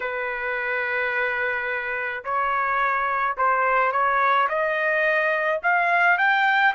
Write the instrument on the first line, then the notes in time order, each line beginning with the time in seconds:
trumpet
0.00 B4
2.24 C#5
3.37 C5
3.92 C#5
4.48 D#5
5.62 F5
6.18 G5